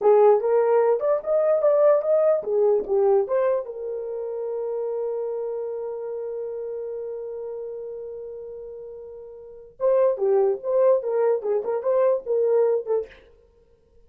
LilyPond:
\new Staff \with { instrumentName = "horn" } { \time 4/4 \tempo 4 = 147 gis'4 ais'4. d''8 dis''4 | d''4 dis''4 gis'4 g'4 | c''4 ais'2.~ | ais'1~ |
ais'1~ | ais'1 | c''4 g'4 c''4 ais'4 | gis'8 ais'8 c''4 ais'4. a'8 | }